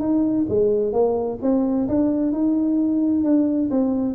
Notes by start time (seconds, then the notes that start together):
0.00 D#4
0.49 G#3
0.93 A#3
1.42 C4
1.89 D4
2.33 D#4
3.24 D4
3.71 C4